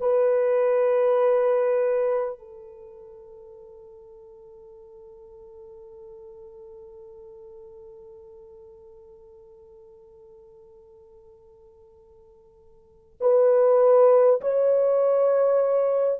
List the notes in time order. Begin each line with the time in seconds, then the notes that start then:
0.00 B4
2.39 A4
13.21 B4
14.41 C#5